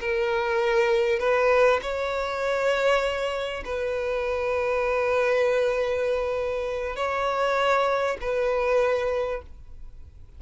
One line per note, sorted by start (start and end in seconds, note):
0.00 1.19 A#4
1.19 1.79 B4
1.82 3.63 C#5
3.64 6.95 B4
6.95 8.17 C#5
8.21 9.42 B4